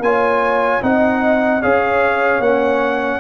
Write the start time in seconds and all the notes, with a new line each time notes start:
0.00 A#3 F4 C#5 G#5
0.82 C4 D#4 D#5 F#5
1.62 C#4 G#4 C#5 F5
2.40 A#3 C#4 F#5